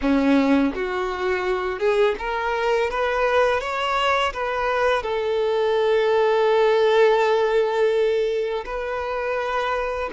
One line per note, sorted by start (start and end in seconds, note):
0.01 0.74 C#4
0.74 1.79 F#4
1.79 2.15 G#4
2.19 2.90 A#4
2.90 3.60 B4
3.60 4.32 C#5
4.33 5.02 B4
5.02 8.64 A4
8.65 10.10 B4